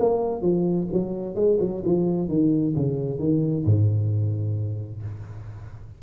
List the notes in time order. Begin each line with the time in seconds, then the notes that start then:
0.00 A#3
0.42 F3
0.93 F#3
1.36 G#3
1.61 F#3
1.86 F3
2.29 D#3
2.76 C#3
3.20 D#3
3.66 G#2